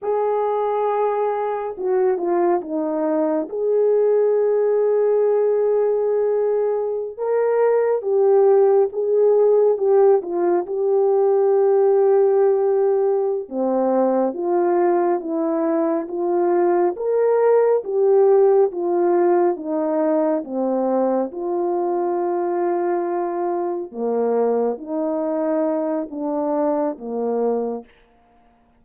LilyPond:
\new Staff \with { instrumentName = "horn" } { \time 4/4 \tempo 4 = 69 gis'2 fis'8 f'8 dis'4 | gis'1~ | gis'16 ais'4 g'4 gis'4 g'8 f'16~ | f'16 g'2.~ g'16 c'8~ |
c'8 f'4 e'4 f'4 ais'8~ | ais'8 g'4 f'4 dis'4 c'8~ | c'8 f'2. ais8~ | ais8 dis'4. d'4 ais4 | }